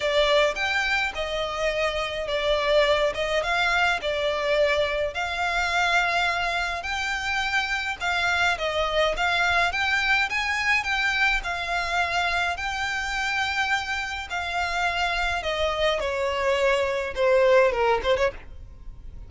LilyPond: \new Staff \with { instrumentName = "violin" } { \time 4/4 \tempo 4 = 105 d''4 g''4 dis''2 | d''4. dis''8 f''4 d''4~ | d''4 f''2. | g''2 f''4 dis''4 |
f''4 g''4 gis''4 g''4 | f''2 g''2~ | g''4 f''2 dis''4 | cis''2 c''4 ais'8 c''16 cis''16 | }